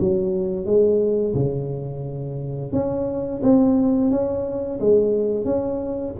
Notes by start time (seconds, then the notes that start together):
0.00 F#3
0.65 G#3
1.35 C#3
2.72 C#4
3.43 C4
4.11 C#4
4.80 G#3
5.45 C#4